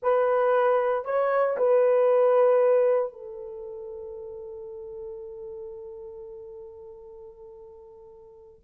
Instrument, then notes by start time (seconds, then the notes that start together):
horn
0.02 B4
1.04 C#5
1.57 B4
3.12 A4